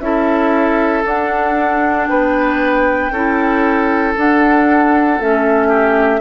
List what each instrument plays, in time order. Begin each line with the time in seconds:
0.00 bassoon C#4, clarinet E4, oboe A4, flute E5
1.05 clarinet D4, bassoon D4, flute F#5
2.07 bassoon B3, oboe B4, flute G5
3.11 bassoon C#4, clarinet E4, oboe A4
4.16 clarinet D4, bassoon D4, flute F#5
5.19 bassoon A3, clarinet C#4, flute E5
5.68 oboe G4